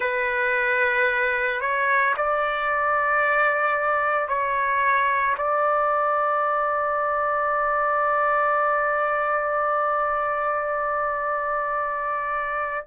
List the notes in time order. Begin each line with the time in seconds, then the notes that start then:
0.00 B4
1.60 C#5
2.16 D5
4.28 C#5
5.37 D5